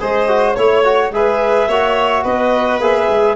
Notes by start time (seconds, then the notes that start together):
0.00 G#3 G#4 C5 D#5
0.28 F#4
0.52 A3 C#5
0.58 E4
0.84 F#4
1.11 G#3 G#4 B4 E5
1.68 A#3 F#4 C#5
2.23 B3 B4 D#5
2.79 A#3 G#4 E5
3.08 G#3